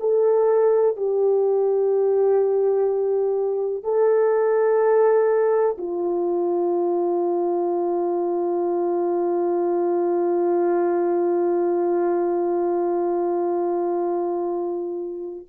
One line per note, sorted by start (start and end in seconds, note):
0.00 0.97 A4
0.97 3.84 G4
3.84 5.77 A4
5.78 15.46 F4